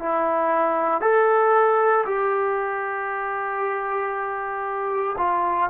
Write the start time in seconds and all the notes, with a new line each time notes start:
0.00 E4
1.01 A4
2.06 G4
5.18 F4